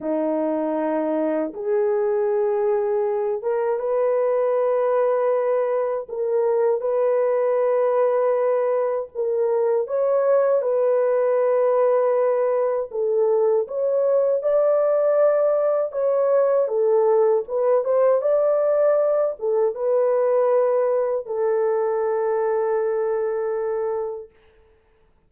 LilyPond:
\new Staff \with { instrumentName = "horn" } { \time 4/4 \tempo 4 = 79 dis'2 gis'2~ | gis'8 ais'8 b'2. | ais'4 b'2. | ais'4 cis''4 b'2~ |
b'4 a'4 cis''4 d''4~ | d''4 cis''4 a'4 b'8 c''8 | d''4. a'8 b'2 | a'1 | }